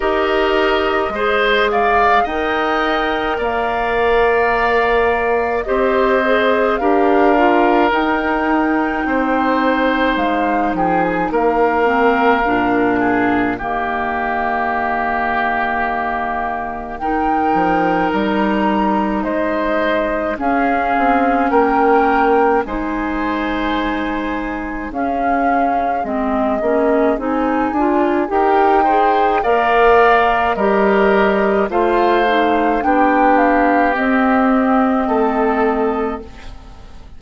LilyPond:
<<
  \new Staff \with { instrumentName = "flute" } { \time 4/4 \tempo 4 = 53 dis''4. f''8 g''4 f''4~ | f''4 dis''4 f''4 g''4~ | g''4 f''8 g''16 gis''16 f''2 | dis''2. g''4 |
ais''4 dis''4 f''4 g''4 | gis''2 f''4 dis''4 | gis''4 g''4 f''4 dis''4 | f''4 g''8 f''8 dis''2 | }
  \new Staff \with { instrumentName = "oboe" } { \time 4/4 ais'4 c''8 d''8 dis''4 d''4~ | d''4 c''4 ais'2 | c''4. gis'8 ais'4. gis'8 | g'2. ais'4~ |
ais'4 c''4 gis'4 ais'4 | c''2 gis'2~ | gis'4 ais'8 c''8 d''4 ais'4 | c''4 g'2 a'4 | }
  \new Staff \with { instrumentName = "clarinet" } { \time 4/4 g'4 gis'4 ais'2~ | ais'4 g'8 gis'8 g'8 f'8 dis'4~ | dis'2~ dis'8 c'8 d'4 | ais2. dis'4~ |
dis'2 cis'2 | dis'2 cis'4 c'8 cis'8 | dis'8 f'8 g'8 gis'8 ais'4 g'4 | f'8 dis'8 d'4 c'2 | }
  \new Staff \with { instrumentName = "bassoon" } { \time 4/4 dis'4 gis4 dis'4 ais4~ | ais4 c'4 d'4 dis'4 | c'4 gis8 f8 ais4 ais,4 | dis2.~ dis8 f8 |
g4 gis4 cis'8 c'8 ais4 | gis2 cis'4 gis8 ais8 | c'8 d'8 dis'4 ais4 g4 | a4 b4 c'4 a4 | }
>>